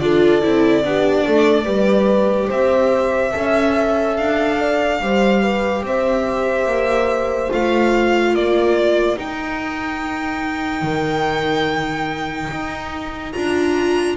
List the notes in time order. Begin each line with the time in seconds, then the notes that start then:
0.00 D4 F4 A4 D5
0.42 C4 E4
0.84 B3 D4 G4
1.27 A3 A4
1.65 G3 G4 B4
2.48 C4 C5 E5
3.33 C#4 A4 E5
4.17 D4 F5
4.59 D5
5.01 G3 G4 C5
5.43 B4
5.83 C4 C5 E5
6.66 A#3
7.50 A3 F4 F5
8.34 A#3 A#4 D5
9.17 D#4 G5
10.82 D#3
12.51 D#4
13.33 D4 F4 A#5